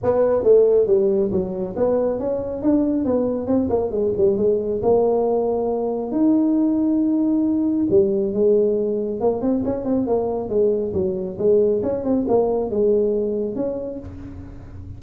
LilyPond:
\new Staff \with { instrumentName = "tuba" } { \time 4/4 \tempo 4 = 137 b4 a4 g4 fis4 | b4 cis'4 d'4 b4 | c'8 ais8 gis8 g8 gis4 ais4~ | ais2 dis'2~ |
dis'2 g4 gis4~ | gis4 ais8 c'8 cis'8 c'8 ais4 | gis4 fis4 gis4 cis'8 c'8 | ais4 gis2 cis'4 | }